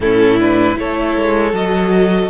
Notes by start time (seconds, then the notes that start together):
0.00 A2 C#4 E4 A4
0.39 D4 B4
0.73 A3 E4 A4 C#5
1.16 G#3
1.52 F#3 F#4 D#5